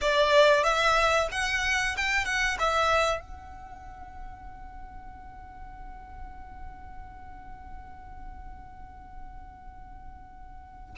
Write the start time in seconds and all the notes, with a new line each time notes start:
0.01 D5
0.63 E5
1.31 F#5
1.96 G5
2.25 F#5
2.59 E5
3.20 F#5